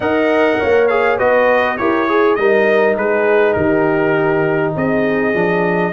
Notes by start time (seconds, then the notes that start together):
0.00 D#4 A#4 D#5 F#5
0.59 A#3 C#5
0.87 G#4 F5
1.18 B3 F#4 B4 D#5
1.77 E4 G4 A#4 C#5
2.08 G#4
2.35 G3 D#4 A#4 D#5
2.96 G#3 G#4 B4
3.53 D#3 G4 A#4
4.75 C4 G#4 D#5
5.33 F3 D4